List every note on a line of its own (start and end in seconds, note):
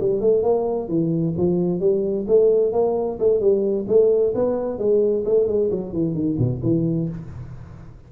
0.00 0.21 G3
0.21 0.43 A3
0.43 0.88 A#3
0.88 1.34 E3
1.37 1.80 F3
1.80 2.26 G3
2.28 2.73 A3
2.73 3.18 A#3
3.19 3.40 A3
3.40 3.86 G3
3.88 4.33 A3
4.35 4.78 B3
4.78 5.24 G#3
5.25 5.47 A3
5.47 5.70 G#3
5.71 5.93 F#3
5.93 6.14 E3
6.14 6.37 D#3
6.38 6.61 B2
6.63 7.09 E3